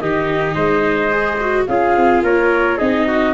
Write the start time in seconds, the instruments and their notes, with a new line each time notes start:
0.00 tuba D#3, viola D#4, trumpet G4, flute D#5
0.55 tuba G#3, trumpet C5
1.11 viola G#4
1.41 viola F#4
1.67 tuba C#4, viola F4, trumpet G#4, flute F5
1.97 tuba C4
2.23 tuba A#3, trumpet A#4, flute C#5
2.78 tuba C4, viola D#4, trumpet G#4, flute D#5
3.07 trumpet F#4